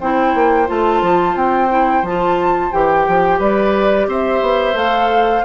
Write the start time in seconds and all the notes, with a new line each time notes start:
0.00 C4 E4 C5 G5
0.34 A#3
0.66 A3 F4 A5
1.02 F3
1.35 C4 G5
1.69 E4
2.02 F3 F4 A5
2.71 E3 G4 G5
3.07 F3
3.38 G3 B4 D5
4.07 C4 C5 E5
4.41 B3
4.74 A3 A4 F5